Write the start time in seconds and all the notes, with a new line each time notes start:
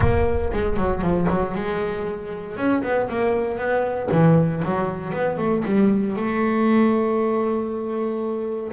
0.00 A#3
0.52 G#3
0.76 F#3
1.01 F3
1.29 F#3
1.54 G#3
2.56 C#4
2.83 B3
3.09 A#3
3.58 B3
4.11 E3
4.65 F#3
5.13 B3
5.37 A3
5.64 G3
6.16 A3